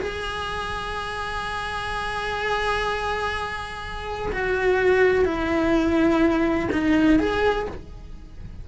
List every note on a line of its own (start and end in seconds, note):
0.00 4.32 G#4
4.32 5.25 F#4
5.25 6.69 E4
6.72 7.20 D#4
7.20 7.68 G#4